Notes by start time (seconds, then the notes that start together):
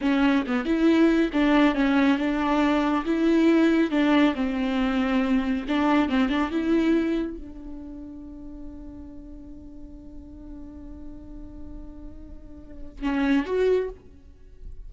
0.01 C#4
0.46 B3
0.65 E4
1.32 D4
1.75 C#4
2.17 D4
3.05 E4
3.90 D4
4.35 C4
5.68 D4
6.09 C4
6.29 D4
6.50 E4
7.37 D4
13.02 C#4
13.45 F#4